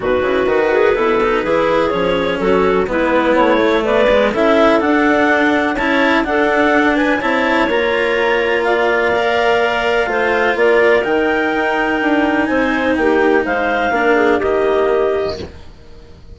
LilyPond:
<<
  \new Staff \with { instrumentName = "clarinet" } { \time 4/4 \tempo 4 = 125 b'1 | cis''4 a'4 b'4 cis''4 | d''4 e''4 fis''2 | a''4 fis''4. gis''8 a''4 |
ais''2 f''2~ | f''2 d''4 g''4~ | g''2 gis''4 g''4 | f''2 dis''2 | }
  \new Staff \with { instrumentName = "clarinet" } { \time 4/4 fis'4. gis'8 a'4 gis'4~ | gis'4 fis'4 e'2 | b'4 a'2. | cis''4 a'4. b'8 cis''4~ |
cis''2 d''2~ | d''4 c''4 ais'2~ | ais'2 c''4 g'4 | c''4 ais'8 gis'8 g'2 | }
  \new Staff \with { instrumentName = "cello" } { \time 4/4 dis'8 e'8 fis'4 e'8 dis'8 e'4 | cis'2 b4. a8~ | a8 gis8 e'4 d'2 | e'4 d'2 e'4 |
f'2. ais'4~ | ais'4 f'2 dis'4~ | dis'1~ | dis'4 d'4 ais2 | }
  \new Staff \with { instrumentName = "bassoon" } { \time 4/4 b,8 cis8 dis4 b,4 e4 | f4 fis4 gis4 a4 | b4 cis'4 d'2 | cis'4 d'2 c'4 |
ais1~ | ais4 a4 ais4 dis4 | dis'4 d'4 c'4 ais4 | gis4 ais4 dis2 | }
>>